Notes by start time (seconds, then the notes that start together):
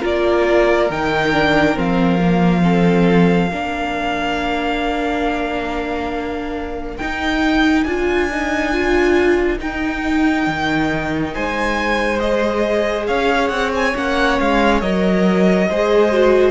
0.00 A#3 F4 A#4 D5
0.89 D#3 D#4 G5
1.32 D4
1.76 F3 C4 F5
2.20 A#3
2.62 C4 A4
3.49 A#3 D4 A#4
6.97 D#4 G5
7.84 D4 F4 G#5
8.31 D#4
8.73 F4
9.58 D#4 G5
10.47 D#3
11.34 G#3 C5 G#5
12.19 G#4 D#5
13.06 C#4 C#5 F5
13.48 C4 F#5
13.74 G#5
13.95 A#3 C#4 F#5
14.40 G#3 F5
14.81 F#3 A#4 D#5
15.69 G#3 G#4 C5
16.12 F#4